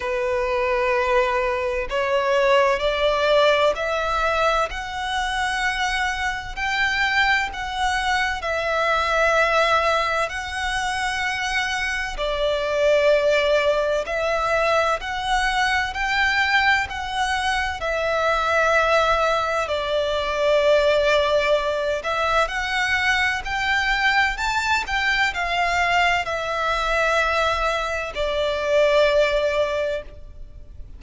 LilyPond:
\new Staff \with { instrumentName = "violin" } { \time 4/4 \tempo 4 = 64 b'2 cis''4 d''4 | e''4 fis''2 g''4 | fis''4 e''2 fis''4~ | fis''4 d''2 e''4 |
fis''4 g''4 fis''4 e''4~ | e''4 d''2~ d''8 e''8 | fis''4 g''4 a''8 g''8 f''4 | e''2 d''2 | }